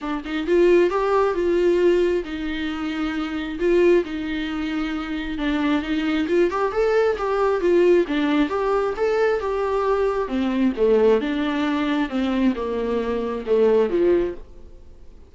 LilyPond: \new Staff \with { instrumentName = "viola" } { \time 4/4 \tempo 4 = 134 d'8 dis'8 f'4 g'4 f'4~ | f'4 dis'2. | f'4 dis'2. | d'4 dis'4 f'8 g'8 a'4 |
g'4 f'4 d'4 g'4 | a'4 g'2 c'4 | a4 d'2 c'4 | ais2 a4 f4 | }